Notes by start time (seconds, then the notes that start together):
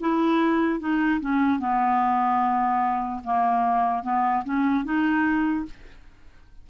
0.00 E4
0.80 D#4
1.20 C#4
1.59 B3
3.24 A#3
4.03 B3
4.44 C#4
4.84 D#4